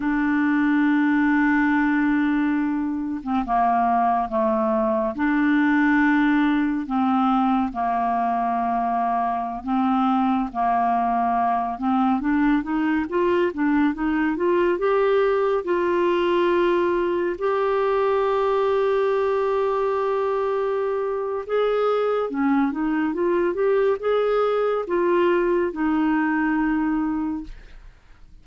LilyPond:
\new Staff \with { instrumentName = "clarinet" } { \time 4/4 \tempo 4 = 70 d'2.~ d'8. c'16 | ais4 a4 d'2 | c'4 ais2~ ais16 c'8.~ | c'16 ais4. c'8 d'8 dis'8 f'8 d'16~ |
d'16 dis'8 f'8 g'4 f'4.~ f'16~ | f'16 g'2.~ g'8.~ | g'4 gis'4 cis'8 dis'8 f'8 g'8 | gis'4 f'4 dis'2 | }